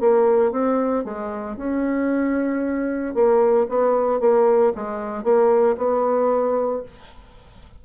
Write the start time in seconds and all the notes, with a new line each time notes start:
0.00 A#3
0.52 C4
1.05 G#3
1.57 C#4
3.14 A#3
3.69 B3
4.20 A#3
4.75 G#3
5.23 A#3
5.77 B3